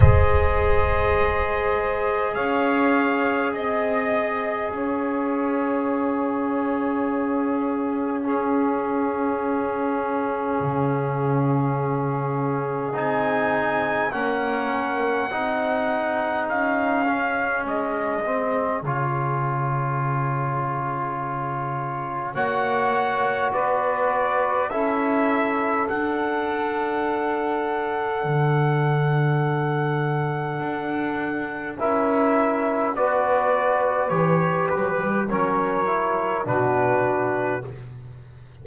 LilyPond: <<
  \new Staff \with { instrumentName = "trumpet" } { \time 4/4 \tempo 4 = 51 dis''2 f''4 dis''4 | f''1~ | f''2. gis''4 | fis''2 f''4 dis''4 |
cis''2. fis''4 | d''4 e''4 fis''2~ | fis''2. e''4 | d''4 cis''8 b'8 cis''4 b'4 | }
  \new Staff \with { instrumentName = "saxophone" } { \time 4/4 c''2 cis''4 dis''4 | cis''2. gis'4~ | gis'1 | ais'4 gis'2.~ |
gis'2. cis''4 | b'4 a'2.~ | a'2. ais'4 | b'2 ais'4 fis'4 | }
  \new Staff \with { instrumentName = "trombone" } { \time 4/4 gis'1~ | gis'2. cis'4~ | cis'2. dis'4 | cis'4 dis'4. cis'4 c'8 |
f'2. fis'4~ | fis'4 e'4 d'2~ | d'2. e'4 | fis'4 g'4 cis'8 e'8 d'4 | }
  \new Staff \with { instrumentName = "double bass" } { \time 4/4 gis2 cis'4 c'4 | cis'1~ | cis'4 cis2 c'4 | ais4 c'4 cis'4 gis4 |
cis2. ais4 | b4 cis'4 d'2 | d2 d'4 cis'4 | b4 e8 fis16 g16 fis4 b,4 | }
>>